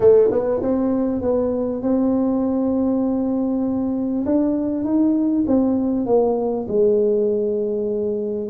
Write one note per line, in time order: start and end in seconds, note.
0.00 0.30 A3
0.31 0.61 B3
0.62 1.21 C4
1.21 1.82 B3
1.82 4.24 C4
4.25 4.84 D4
4.84 5.45 D#4
5.47 6.06 C4
6.06 6.66 A#3
6.67 8.49 G#3